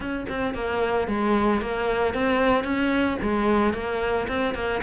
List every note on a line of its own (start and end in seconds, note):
0.00 0.26 C#4
0.28 0.54 C4
0.54 1.07 A#3
1.07 1.61 G#3
1.61 2.14 A#3
2.14 2.64 C4
2.64 3.17 C#4
3.21 3.73 G#3
3.73 4.27 A#3
4.28 4.54 C4
4.54 4.81 A#3